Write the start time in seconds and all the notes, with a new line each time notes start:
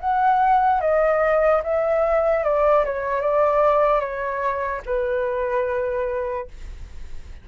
0.00 F#5
0.80 D#5
1.63 E5
2.44 D5
2.85 C#5
3.21 D5
4.00 C#5
4.86 B4